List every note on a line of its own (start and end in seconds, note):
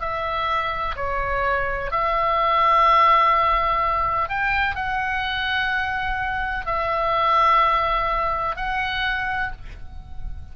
0.00 0.95 E5
0.96 1.91 C#5
1.91 4.29 E5
4.29 4.75 G5
4.75 6.65 F#5
6.65 8.56 E5
8.56 9.52 F#5